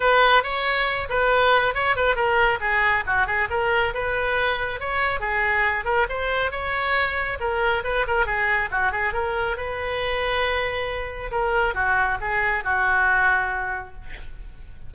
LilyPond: \new Staff \with { instrumentName = "oboe" } { \time 4/4 \tempo 4 = 138 b'4 cis''4. b'4. | cis''8 b'8 ais'4 gis'4 fis'8 gis'8 | ais'4 b'2 cis''4 | gis'4. ais'8 c''4 cis''4~ |
cis''4 ais'4 b'8 ais'8 gis'4 | fis'8 gis'8 ais'4 b'2~ | b'2 ais'4 fis'4 | gis'4 fis'2. | }